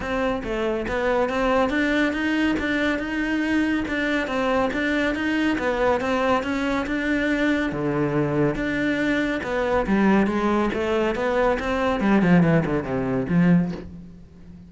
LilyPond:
\new Staff \with { instrumentName = "cello" } { \time 4/4 \tempo 4 = 140 c'4 a4 b4 c'4 | d'4 dis'4 d'4 dis'4~ | dis'4 d'4 c'4 d'4 | dis'4 b4 c'4 cis'4 |
d'2 d2 | d'2 b4 g4 | gis4 a4 b4 c'4 | g8 f8 e8 d8 c4 f4 | }